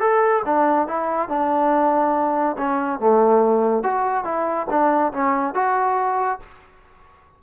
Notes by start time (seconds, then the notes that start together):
0.00 A4
0.45 D4
0.88 E4
1.29 D4
2.58 C#4
3.00 A3
3.84 F#4
4.25 E4
4.70 D4
5.13 C#4
5.55 F#4